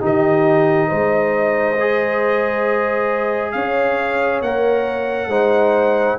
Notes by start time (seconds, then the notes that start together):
0.00 D#3 D#4 G4 D#5
0.88 G#3 C5
1.79 G#4
3.52 C#4 C#5 F5
4.41 A#3 A#4 F#5
5.27 G#3 D#4 C5